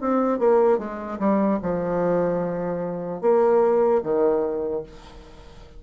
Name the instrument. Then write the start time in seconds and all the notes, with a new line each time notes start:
bassoon
0.00 C4
0.39 A#3
0.78 G#3
1.19 G3
1.62 F3
3.21 A#3
4.03 D#3